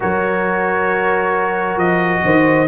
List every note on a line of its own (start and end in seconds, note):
0.00 1.76 F#3
0.00 2.67 F#4
0.00 2.23 A#4
0.00 1.78 C#5
1.76 2.21 F3
1.76 2.68 D#5
2.24 2.68 D#3
2.24 2.68 C5